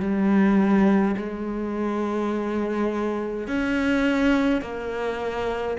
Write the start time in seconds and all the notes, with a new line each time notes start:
0.00 G3
1.17 G#3
3.48 C#4
4.62 A#3